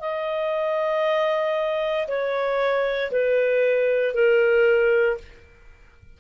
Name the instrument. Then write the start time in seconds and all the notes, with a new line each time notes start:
clarinet
0.00 D#5
2.07 C#5
3.11 B4
4.14 A#4